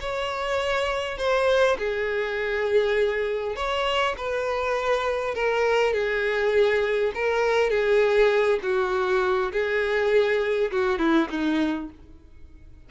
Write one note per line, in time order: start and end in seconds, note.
0.00 1.18 C#5
1.18 1.77 C5
1.78 3.55 G#4
3.55 4.15 C#5
4.17 5.34 B4
5.34 5.93 A#4
5.93 7.12 G#4
7.14 7.70 A#4
7.70 8.59 G#4
8.62 9.51 F#4
9.52 10.71 G#4
10.71 10.98 F#4
10.98 11.28 E4
11.30 11.89 D#4